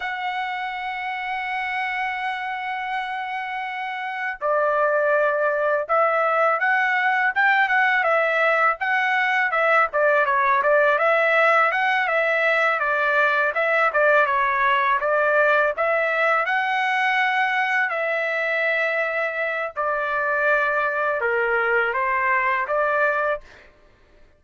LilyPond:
\new Staff \with { instrumentName = "trumpet" } { \time 4/4 \tempo 4 = 82 fis''1~ | fis''2 d''2 | e''4 fis''4 g''8 fis''8 e''4 | fis''4 e''8 d''8 cis''8 d''8 e''4 |
fis''8 e''4 d''4 e''8 d''8 cis''8~ | cis''8 d''4 e''4 fis''4.~ | fis''8 e''2~ e''8 d''4~ | d''4 ais'4 c''4 d''4 | }